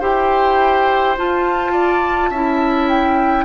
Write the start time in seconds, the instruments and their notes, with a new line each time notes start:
0.00 bassoon E4, clarinet G4, oboe C5, flute G5
1.17 clarinet F4, bassoon F4, flute A5
1.72 oboe D5
2.30 bassoon C#4, clarinet E4, oboe E5
2.89 flute G5